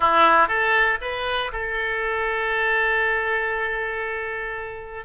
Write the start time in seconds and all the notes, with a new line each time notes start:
0.00 E4
0.48 A4
1.01 B4
1.52 A4